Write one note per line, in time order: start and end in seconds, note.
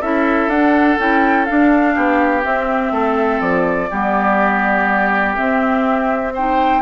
0.00 0.47 C#4
0.00 0.50 E4
0.00 1.94 A4
0.00 0.49 E5
0.47 0.96 D4
0.47 0.98 D4
0.47 0.98 F#5
0.98 1.47 C#4
0.98 1.47 E4
0.98 1.45 G5
1.45 2.42 D4
1.45 1.96 D4
1.45 2.42 F5
1.94 2.44 B3
1.94 2.92 G4
2.42 3.88 C4
2.42 2.91 C4
2.42 3.40 E5
2.91 3.40 A3
2.91 3.90 A4
3.40 3.89 F3
3.40 5.35 D5
3.90 5.38 G3
3.90 5.35 B3
3.90 6.33 G4
5.35 6.33 C4
5.35 6.82 C4
5.35 6.33 E5
6.33 6.82 D#4
6.33 6.82 C5
6.33 6.82 G5